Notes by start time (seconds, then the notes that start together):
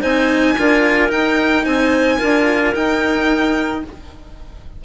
0.00 C4 D#4 C5 G#5
0.58 D4 F4 A#4
1.08 D#4 G5
1.65 C4 C5 G#5
2.18 D4 F4 A#4
2.74 D#4 G5